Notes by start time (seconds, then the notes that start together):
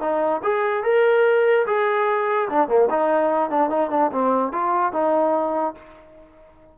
0.00 D#4
0.43 G#4
0.83 A#4
1.66 G#4
2.49 D4
2.68 A#3
2.90 D#4
3.50 D4
3.69 D#4
3.90 D4
4.12 C4
4.52 F4
4.92 D#4